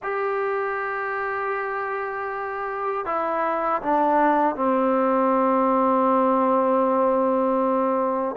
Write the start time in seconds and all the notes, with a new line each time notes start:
0.02 G4
3.05 E4
3.81 D4
4.55 C4